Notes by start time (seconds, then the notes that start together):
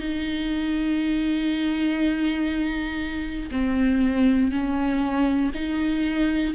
0.00 D#4
3.51 C4
4.52 C#4
5.55 D#4